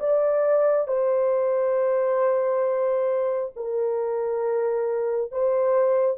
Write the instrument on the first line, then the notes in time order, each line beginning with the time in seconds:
horn
0.00 D5
0.88 C5
3.56 A#4
5.32 C5